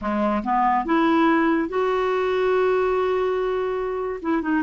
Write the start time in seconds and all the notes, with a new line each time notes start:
0.01 G#3
0.43 B3
0.85 E4
1.68 F#4
4.22 E4
4.42 D#4